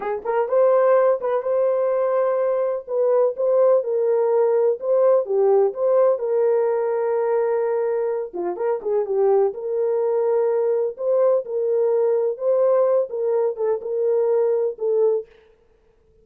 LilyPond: \new Staff \with { instrumentName = "horn" } { \time 4/4 \tempo 4 = 126 gis'8 ais'8 c''4. b'8 c''4~ | c''2 b'4 c''4 | ais'2 c''4 g'4 | c''4 ais'2.~ |
ais'4. f'8 ais'8 gis'8 g'4 | ais'2. c''4 | ais'2 c''4. ais'8~ | ais'8 a'8 ais'2 a'4 | }